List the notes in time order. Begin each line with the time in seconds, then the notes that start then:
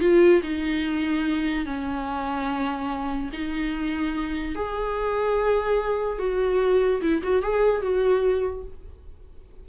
0.00 F4
0.42 D#4
1.65 C#4
3.32 D#4
4.55 G#4
6.18 F#4
7.01 E4
7.23 F#4
7.42 G#4
7.81 F#4